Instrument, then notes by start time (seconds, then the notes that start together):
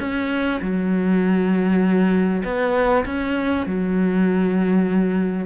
cello
0.00 C#4
0.61 F#3
2.44 B3
3.06 C#4
3.66 F#3